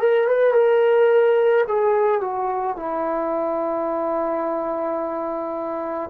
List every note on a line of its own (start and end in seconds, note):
0.00 0.28 A#4
0.28 0.54 B4
0.54 1.65 A#4
1.68 2.21 G#4
2.21 2.77 F#4
2.77 6.10 E4